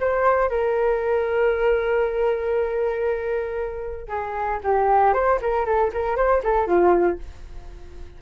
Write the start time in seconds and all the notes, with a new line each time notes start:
0.00 C5
0.49 A#4
4.08 G#4
4.63 G4
5.13 C5
5.41 A#4
5.65 A4
5.93 A#4
6.16 C5
6.43 A4
6.67 F4